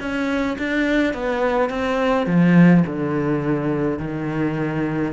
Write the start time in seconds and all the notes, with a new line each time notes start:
0.00 C#4
0.58 D4
1.14 B3
1.70 C4
2.26 F3
2.86 D3
3.99 D#3